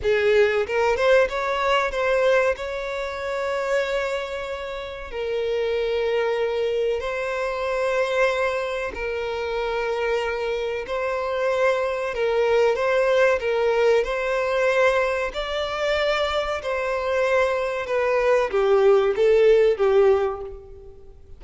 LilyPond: \new Staff \with { instrumentName = "violin" } { \time 4/4 \tempo 4 = 94 gis'4 ais'8 c''8 cis''4 c''4 | cis''1 | ais'2. c''4~ | c''2 ais'2~ |
ais'4 c''2 ais'4 | c''4 ais'4 c''2 | d''2 c''2 | b'4 g'4 a'4 g'4 | }